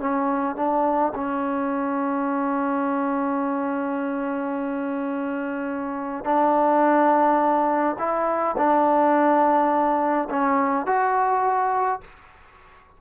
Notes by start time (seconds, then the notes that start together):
0.00 C#4
0.56 D4
1.15 C#4
6.25 D4
7.99 E4
8.57 D4
10.30 C#4
10.86 F#4